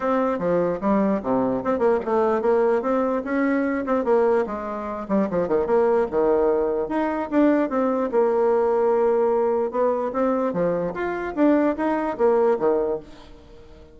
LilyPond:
\new Staff \with { instrumentName = "bassoon" } { \time 4/4 \tempo 4 = 148 c'4 f4 g4 c4 | c'8 ais8 a4 ais4 c'4 | cis'4. c'8 ais4 gis4~ | gis8 g8 f8 dis8 ais4 dis4~ |
dis4 dis'4 d'4 c'4 | ais1 | b4 c'4 f4 f'4 | d'4 dis'4 ais4 dis4 | }